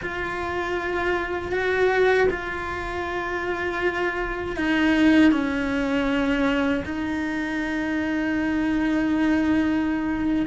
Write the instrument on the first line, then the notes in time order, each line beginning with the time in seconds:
cello
0.02 F4
1.52 F#4
2.30 F4
4.56 D#4
5.31 C#4
6.85 D#4